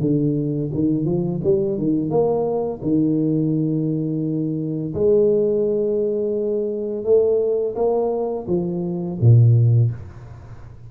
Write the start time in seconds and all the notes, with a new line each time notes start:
0.00 D3
0.73 D#3
1.05 F3
1.43 G3
1.78 D#3
2.10 A#3
2.82 D#3
4.94 G#3
7.04 A3
7.75 A#3
8.47 F3
9.20 A#2